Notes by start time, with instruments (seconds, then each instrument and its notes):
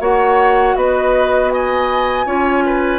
0.00 bassoon A#3, clarinet F#4, oboe C#5, flute F#5
0.75 bassoon B3, oboe B4, flute D#5
1.50 oboe D#5, flute G#5
2.26 bassoon C#4, clarinet F4, oboe C#5
2.66 oboe B4